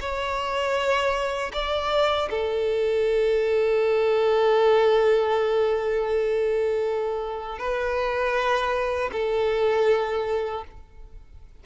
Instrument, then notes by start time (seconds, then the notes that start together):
violin
0.00 C#5
1.53 D5
2.30 A4
7.58 B4
9.12 A4